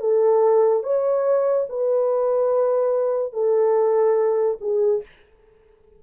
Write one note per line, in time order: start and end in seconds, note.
0.00 0.83 A4
0.83 1.67 C#5
1.69 3.33 B4
3.33 4.58 A4
4.61 5.02 G#4